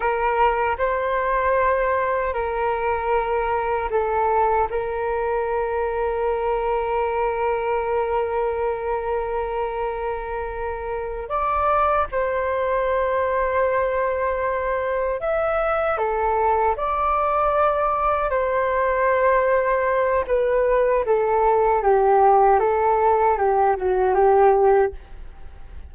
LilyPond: \new Staff \with { instrumentName = "flute" } { \time 4/4 \tempo 4 = 77 ais'4 c''2 ais'4~ | ais'4 a'4 ais'2~ | ais'1~ | ais'2~ ais'8 d''4 c''8~ |
c''2.~ c''8 e''8~ | e''8 a'4 d''2 c''8~ | c''2 b'4 a'4 | g'4 a'4 g'8 fis'8 g'4 | }